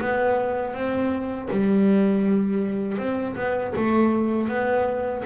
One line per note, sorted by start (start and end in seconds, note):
0.00 0.73 B3
0.73 1.48 C4
1.50 2.97 G3
2.97 3.35 C4
3.35 3.73 B3
3.75 4.48 A3
4.48 5.23 B3